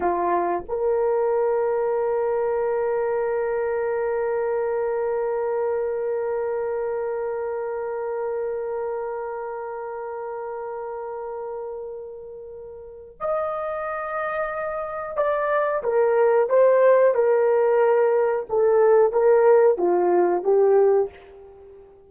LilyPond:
\new Staff \with { instrumentName = "horn" } { \time 4/4 \tempo 4 = 91 f'4 ais'2.~ | ais'1~ | ais'1~ | ais'1~ |
ais'1 | dis''2. d''4 | ais'4 c''4 ais'2 | a'4 ais'4 f'4 g'4 | }